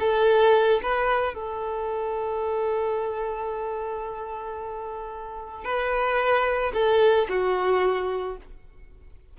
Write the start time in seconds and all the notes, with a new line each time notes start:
0.00 A4
0.83 B4
1.35 A4
5.65 B4
6.74 A4
7.29 F#4